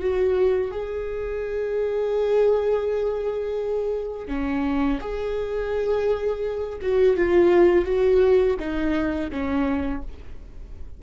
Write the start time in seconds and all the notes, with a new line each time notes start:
0.00 F#4
0.71 G#4
4.28 C#4
5.00 G#4
6.81 F#4
7.16 F4
7.85 F#4
8.59 D#4
9.31 C#4